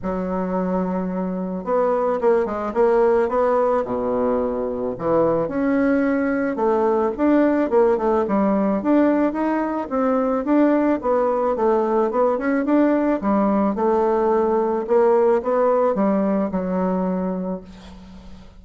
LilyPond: \new Staff \with { instrumentName = "bassoon" } { \time 4/4 \tempo 4 = 109 fis2. b4 | ais8 gis8 ais4 b4 b,4~ | b,4 e4 cis'2 | a4 d'4 ais8 a8 g4 |
d'4 dis'4 c'4 d'4 | b4 a4 b8 cis'8 d'4 | g4 a2 ais4 | b4 g4 fis2 | }